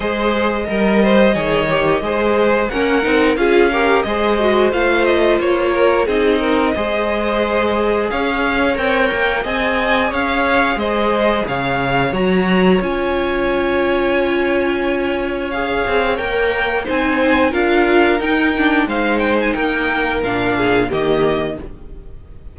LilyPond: <<
  \new Staff \with { instrumentName = "violin" } { \time 4/4 \tempo 4 = 89 dis''1 | fis''4 f''4 dis''4 f''8 dis''8 | cis''4 dis''2. | f''4 g''4 gis''4 f''4 |
dis''4 f''4 ais''4 gis''4~ | gis''2. f''4 | g''4 gis''4 f''4 g''4 | f''8 g''16 gis''16 g''4 f''4 dis''4 | }
  \new Staff \with { instrumentName = "violin" } { \time 4/4 c''4 ais'8 c''8 cis''4 c''4 | ais'4 gis'8 ais'8 c''2~ | c''8 ais'8 gis'8 ais'8 c''2 | cis''2 dis''4 cis''4 |
c''4 cis''2.~ | cis''1~ | cis''4 c''4 ais'2 | c''4 ais'4. gis'8 g'4 | }
  \new Staff \with { instrumentName = "viola" } { \time 4/4 gis'4 ais'4 gis'8 g'8 gis'4 | cis'8 dis'8 f'8 g'8 gis'8 fis'8 f'4~ | f'4 dis'4 gis'2~ | gis'4 ais'4 gis'2~ |
gis'2 fis'4 f'4~ | f'2. gis'4 | ais'4 dis'4 f'4 dis'8 d'8 | dis'2 d'4 ais4 | }
  \new Staff \with { instrumentName = "cello" } { \time 4/4 gis4 g4 dis4 gis4 | ais8 c'8 cis'4 gis4 a4 | ais4 c'4 gis2 | cis'4 c'8 ais8 c'4 cis'4 |
gis4 cis4 fis4 cis'4~ | cis'2.~ cis'8 c'8 | ais4 c'4 d'4 dis'4 | gis4 ais4 ais,4 dis4 | }
>>